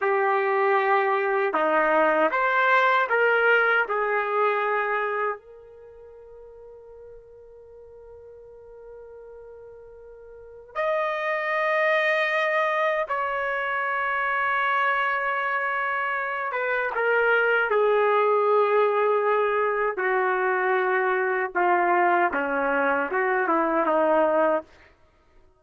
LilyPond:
\new Staff \with { instrumentName = "trumpet" } { \time 4/4 \tempo 4 = 78 g'2 dis'4 c''4 | ais'4 gis'2 ais'4~ | ais'1~ | ais'2 dis''2~ |
dis''4 cis''2.~ | cis''4. b'8 ais'4 gis'4~ | gis'2 fis'2 | f'4 cis'4 fis'8 e'8 dis'4 | }